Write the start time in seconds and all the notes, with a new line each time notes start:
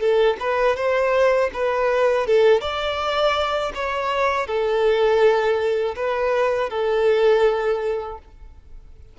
0.00 A4
0.40 B4
0.76 C5
1.54 B4
2.27 A4
2.61 D5
3.75 C#5
4.47 A4
5.96 B4
6.70 A4